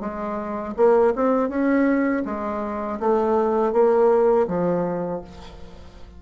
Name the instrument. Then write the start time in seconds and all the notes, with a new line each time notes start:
bassoon
0.00 G#3
0.77 A#3
1.15 C4
1.49 C#4
2.25 G#3
3.00 A3
3.73 A#3
4.47 F3